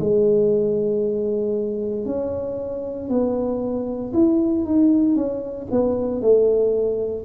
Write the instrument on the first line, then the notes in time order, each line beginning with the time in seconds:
tuba
0.00 G#3
2.05 C#4
3.09 B3
4.13 E4
4.65 D#4
5.15 C#4
5.71 B3
6.22 A3